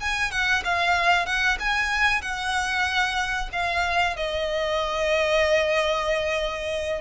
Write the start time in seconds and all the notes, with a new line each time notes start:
0.00 G#5
0.31 F#5
0.64 F5
1.26 F#5
1.60 G#5
2.22 F#5
3.52 F5
4.16 D#5